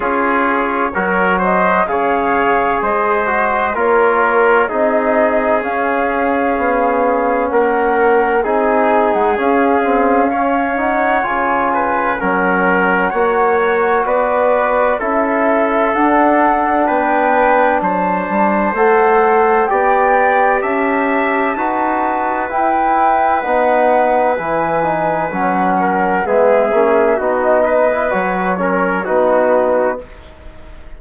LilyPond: <<
  \new Staff \with { instrumentName = "flute" } { \time 4/4 \tempo 4 = 64 cis''4. dis''8 f''4 dis''4 | cis''4 dis''4 f''2 | fis''4 gis''8. fis''16 f''4. fis''8 | gis''4 fis''2 d''4 |
e''4 fis''4 g''4 a''4 | fis''4 g''4 a''2 | g''4 fis''4 gis''4 fis''4 | e''4 dis''4 cis''4 b'4 | }
  \new Staff \with { instrumentName = "trumpet" } { \time 4/4 gis'4 ais'8 c''8 cis''4 c''4 | ais'4 gis'2. | ais'4 gis'2 cis''4~ | cis''8 b'8 ais'4 cis''4 b'4 |
a'2 b'4 c''4~ | c''4 d''4 e''4 b'4~ | b'2.~ b'8 ais'8 | gis'4 fis'8 b'4 ais'8 fis'4 | }
  \new Staff \with { instrumentName = "trombone" } { \time 4/4 f'4 fis'4 gis'4. fis'8 | f'4 dis'4 cis'2~ | cis'4 dis'4 cis'8 c'8 cis'8 dis'8 | f'4 cis'4 fis'2 |
e'4 d'2. | a'4 g'2 fis'4 | e'4 dis'4 e'8 dis'8 cis'4 | b8 cis'8 dis'8. e'16 fis'8 cis'8 dis'4 | }
  \new Staff \with { instrumentName = "bassoon" } { \time 4/4 cis'4 fis4 cis4 gis4 | ais4 c'4 cis'4 b4 | ais4 c'8. gis16 cis'2 | cis4 fis4 ais4 b4 |
cis'4 d'4 b4 fis8 g8 | a4 b4 cis'4 dis'4 | e'4 b4 e4 fis4 | gis8 ais8 b4 fis4 b4 | }
>>